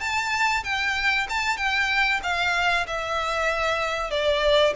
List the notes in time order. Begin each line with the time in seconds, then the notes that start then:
0.00 A5
0.64 G5
1.29 A5
1.57 G5
2.23 F5
2.87 E5
4.11 D5